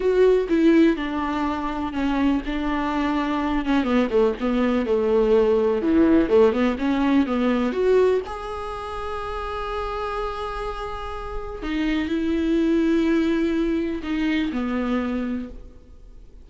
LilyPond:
\new Staff \with { instrumentName = "viola" } { \time 4/4 \tempo 4 = 124 fis'4 e'4 d'2 | cis'4 d'2~ d'8 cis'8 | b8 a8 b4 a2 | e4 a8 b8 cis'4 b4 |
fis'4 gis'2.~ | gis'1 | dis'4 e'2.~ | e'4 dis'4 b2 | }